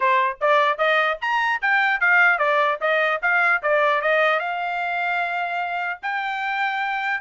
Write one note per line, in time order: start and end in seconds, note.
0.00 0.37 C5
0.40 0.78 D5
0.78 1.18 D#5
1.21 1.61 A#5
1.61 2.00 G5
2.00 2.38 F5
2.38 2.78 D5
2.81 3.21 D#5
3.21 3.61 F5
3.62 4.01 D5
4.01 4.39 D#5
4.39 5.99 F5
6.02 7.20 G5